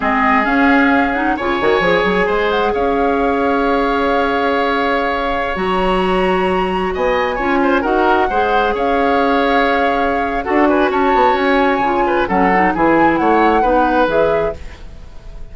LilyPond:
<<
  \new Staff \with { instrumentName = "flute" } { \time 4/4 \tempo 4 = 132 dis''4 f''4. fis''8 gis''4~ | gis''4. fis''8 f''2~ | f''1~ | f''16 ais''2. gis''8.~ |
gis''4~ gis''16 fis''2 f''8.~ | f''2. fis''8 gis''8 | a''4 gis''2 fis''4 | gis''4 fis''2 e''4 | }
  \new Staff \with { instrumentName = "oboe" } { \time 4/4 gis'2. cis''4~ | cis''4 c''4 cis''2~ | cis''1~ | cis''2.~ cis''16 dis''8.~ |
dis''16 cis''8 c''8 ais'4 c''4 cis''8.~ | cis''2. a'8 b'8 | cis''2~ cis''8 b'8 a'4 | gis'4 cis''4 b'2 | }
  \new Staff \with { instrumentName = "clarinet" } { \time 4/4 c'4 cis'4. dis'8 f'8 fis'8 | gis'1~ | gis'1~ | gis'16 fis'2.~ fis'8.~ |
fis'16 f'4 fis'4 gis'4.~ gis'16~ | gis'2. fis'4~ | fis'2 f'4 cis'8 dis'8 | e'2 dis'4 gis'4 | }
  \new Staff \with { instrumentName = "bassoon" } { \time 4/4 gis4 cis'2 cis8 dis8 | f8 fis8 gis4 cis'2~ | cis'1~ | cis'16 fis2. b8.~ |
b16 cis'4 dis'4 gis4 cis'8.~ | cis'2. d'4 | cis'8 b8 cis'4 cis4 fis4 | e4 a4 b4 e4 | }
>>